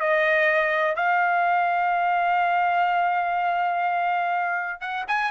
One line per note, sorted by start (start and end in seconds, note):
0.00 0.96 D#5
0.96 4.81 F5
4.81 5.05 F#5
5.08 5.31 G#5